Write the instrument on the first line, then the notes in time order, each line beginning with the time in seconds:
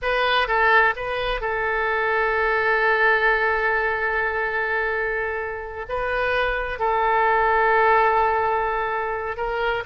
oboe
0.02 B4
0.47 A4
0.96 B4
1.40 A4
5.88 B4
6.79 A4
9.36 A#4